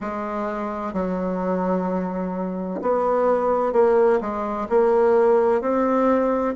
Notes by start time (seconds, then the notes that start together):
0.00 G#3
0.93 F#3
2.81 B3
3.72 A#3
4.20 G#3
4.69 A#3
5.61 C4